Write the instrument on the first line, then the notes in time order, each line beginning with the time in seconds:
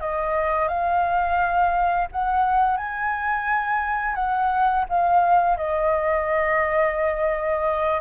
flute
0.00 D#5
0.68 F5
2.12 F#5
2.77 G#5
4.15 F#5
4.89 F5
5.57 D#5